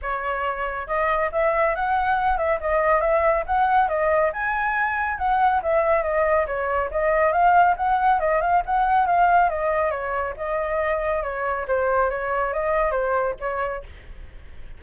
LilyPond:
\new Staff \with { instrumentName = "flute" } { \time 4/4 \tempo 4 = 139 cis''2 dis''4 e''4 | fis''4. e''8 dis''4 e''4 | fis''4 dis''4 gis''2 | fis''4 e''4 dis''4 cis''4 |
dis''4 f''4 fis''4 dis''8 f''8 | fis''4 f''4 dis''4 cis''4 | dis''2 cis''4 c''4 | cis''4 dis''4 c''4 cis''4 | }